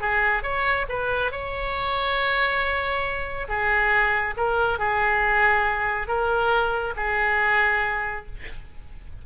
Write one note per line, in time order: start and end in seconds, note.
0.00 0.43 G#4
0.43 0.86 C#5
0.88 1.31 B4
1.31 3.47 C#5
3.48 4.34 G#4
4.36 4.78 A#4
4.78 6.07 G#4
6.07 6.94 A#4
6.96 8.25 G#4